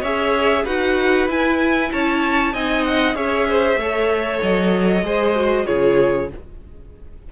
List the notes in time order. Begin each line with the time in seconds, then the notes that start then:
0.00 C#4 G#4 C#5 E5
0.64 D#4 F#4 B4 F#5
1.27 E4 G#5
1.92 C#4 C#5 A5
2.53 C4 D#4 D#5 G#5
2.84 F#5
3.14 C#4 G#4 C#5 E5
3.48 C5
3.76 A3 A4 C#5
4.42 F#3 D#5
5.02 G#3 G#4 C5
5.35 F#4
5.66 C#3 F4 G#4 C#5